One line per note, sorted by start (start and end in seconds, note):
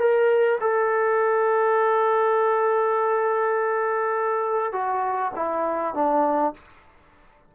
0.00 0.59 A#4
0.61 4.73 A4
4.73 5.32 F#4
5.36 5.95 E4
5.95 6.54 D4